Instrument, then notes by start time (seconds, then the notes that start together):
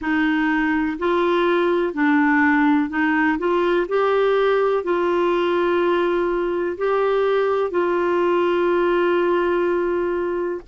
clarinet
0.00 D#4
0.99 F4
1.94 D4
2.89 D#4
3.38 F4
3.88 G4
4.83 F4
6.77 G4
7.71 F4